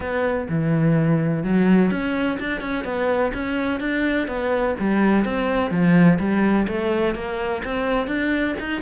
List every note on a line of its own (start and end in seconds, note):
0.00 0.47 B3
0.49 1.43 E3
1.43 1.90 F#3
1.90 2.38 C#4
2.39 2.60 D4
2.60 2.84 C#4
2.84 3.32 B3
3.33 3.80 C#4
3.80 4.27 D4
4.27 4.75 B3
4.79 5.24 G3
5.24 5.71 C4
5.71 6.18 F3
6.19 6.66 G3
6.67 7.14 A3
7.14 7.62 A#3
7.64 8.07 C4
8.07 8.55 D4
8.59 8.81 D#4